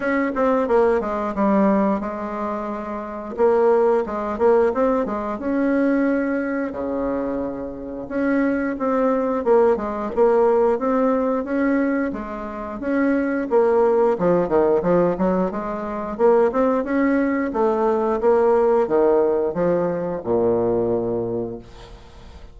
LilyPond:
\new Staff \with { instrumentName = "bassoon" } { \time 4/4 \tempo 4 = 89 cis'8 c'8 ais8 gis8 g4 gis4~ | gis4 ais4 gis8 ais8 c'8 gis8 | cis'2 cis2 | cis'4 c'4 ais8 gis8 ais4 |
c'4 cis'4 gis4 cis'4 | ais4 f8 dis8 f8 fis8 gis4 | ais8 c'8 cis'4 a4 ais4 | dis4 f4 ais,2 | }